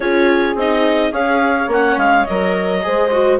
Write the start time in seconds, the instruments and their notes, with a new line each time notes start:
0.00 bassoon C#4, viola F4, horn G#4, clarinet C#5
0.55 bassoon C4, viola D#4, clarinet D#5
1.11 bassoon C#4, viola G#4, horn C#5, clarinet F5
1.67 bassoon A#3, viola C#4, clarinet F#5
1.97 bassoon G#3, clarinet F5
2.25 bassoon F#3, viola A#4, clarinet D#5
2.82 bassoon G#3, viola G#4, horn C5
3.12 viola F#4